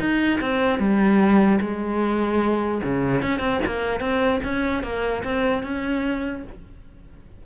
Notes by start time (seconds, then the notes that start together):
0.00 D#4
0.41 C4
0.79 G3
1.61 G#3
2.84 C#3
3.22 C#4
3.40 C4
3.66 A#3
4.00 C4
4.44 C#4
4.83 A#3
5.24 C4
5.63 C#4